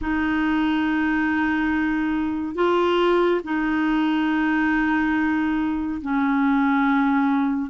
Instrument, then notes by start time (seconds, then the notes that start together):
clarinet
0.01 D#4
2.55 F4
3.44 D#4
6.01 C#4